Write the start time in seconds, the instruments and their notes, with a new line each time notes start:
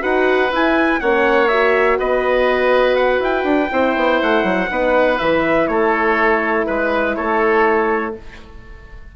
0.00 bassoon D#4, horn F#4, oboe B4, trumpet F#5
0.51 bassoon E4, horn E4, trumpet G#5
1.00 bassoon A#3, horn C#4, oboe C#5, trumpet F#5
1.48 horn F#4, trumpet E5
1.98 bassoon B3, oboe B4, trumpet D#5
2.95 trumpet F#5
3.19 bassoon E4, trumpet G5
3.43 bassoon D4
3.69 bassoon C4, horn E4, oboe C5
3.96 bassoon B3
4.22 bassoon A3, trumpet F#5
4.43 bassoon F#3
4.69 bassoon B3, horn D#4, oboe B4
5.18 bassoon E3, horn E4, trumpet E5
5.67 bassoon A3, oboe A4, trumpet C#5
6.66 bassoon G#3, oboe B4, trumpet B4
7.15 bassoon A3, oboe A4, trumpet C#5